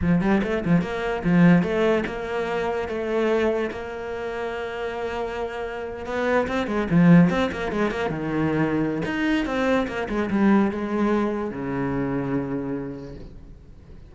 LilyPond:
\new Staff \with { instrumentName = "cello" } { \time 4/4 \tempo 4 = 146 f8 g8 a8 f8 ais4 f4 | a4 ais2 a4~ | a4 ais2.~ | ais2~ ais8. b4 c'16~ |
c'16 gis8 f4 c'8 ais8 gis8 ais8 dis16~ | dis2 dis'4 c'4 | ais8 gis8 g4 gis2 | cis1 | }